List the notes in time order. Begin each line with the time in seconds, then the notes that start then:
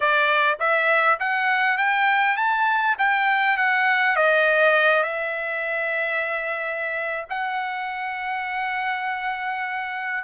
0.00 D5
0.59 E5
1.19 F#5
1.77 G5
2.36 A5
2.98 G5
3.57 F#5
4.16 D#5
5.03 E5
7.29 F#5